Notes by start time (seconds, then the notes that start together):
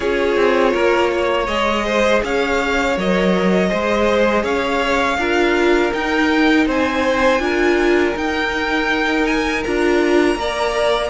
0.00 C#4 F4 G#4 C#5
0.36 C4
0.73 A#3 A#4
1.12 C#5
1.46 G#3 G#4 D#5
1.85 C5
2.23 C#4 C#5 F5
2.96 F#3 A#4 D#5
3.69 G#3 G#4 C5
4.43 C#4 C#5 F5
5.17 D4 F4 A#4
5.92 D#4 G5
6.66 C4 C5 G#5
7.39 D4 F4 A#4
8.16 D#4 G5
9.26 G#5
9.63 D4 F4 A#5
10.35 A#3 A#4 D5